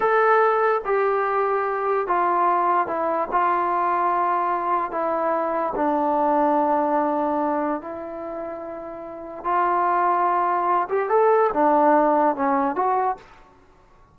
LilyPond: \new Staff \with { instrumentName = "trombone" } { \time 4/4 \tempo 4 = 146 a'2 g'2~ | g'4 f'2 e'4 | f'1 | e'2 d'2~ |
d'2. e'4~ | e'2. f'4~ | f'2~ f'8 g'8 a'4 | d'2 cis'4 fis'4 | }